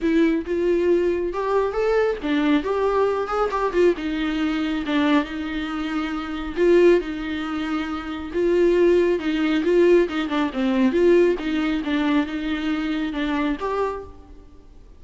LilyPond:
\new Staff \with { instrumentName = "viola" } { \time 4/4 \tempo 4 = 137 e'4 f'2 g'4 | a'4 d'4 g'4. gis'8 | g'8 f'8 dis'2 d'4 | dis'2. f'4 |
dis'2. f'4~ | f'4 dis'4 f'4 dis'8 d'8 | c'4 f'4 dis'4 d'4 | dis'2 d'4 g'4 | }